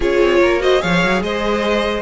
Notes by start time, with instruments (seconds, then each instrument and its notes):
0.00 cello C#4, viola F4, violin G#4 C#5
0.20 cello C4
0.41 cello A#3, violin A#4
0.59 viola F#4, violin C5 D#5
0.79 cello F3, viola G#4, violin C#5 F5
1.03 cello F#3
1.21 cello G#3, violin C5 D#5